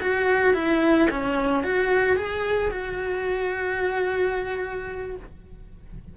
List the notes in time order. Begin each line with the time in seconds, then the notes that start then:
0.00 F#4
0.53 E4
1.10 C#4
1.63 F#4
2.16 G#4
2.70 F#4